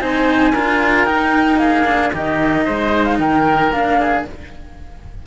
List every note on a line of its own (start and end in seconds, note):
0.00 0.53 C4
0.00 0.54 D#4
0.00 0.53 C5
0.00 1.06 G#5
0.53 1.05 D4
0.53 1.07 F4
0.53 1.59 A#4
1.05 1.57 D#4
1.05 1.85 D#4
1.05 1.58 G5
1.57 2.10 A#3
1.57 2.13 G#4
1.57 2.11 F5
1.85 2.11 D4
2.12 2.67 D#3
2.12 3.72 D#4
2.12 2.65 G4
2.12 3.04 D#5
2.65 3.18 G#3
2.65 3.18 C5
3.04 3.17 F5
3.18 3.71 D#3
3.18 3.99 A#4
3.18 3.72 G5
3.71 4.24 A#3
3.71 4.25 D4
3.71 4.25 F5
4.00 4.26 G#4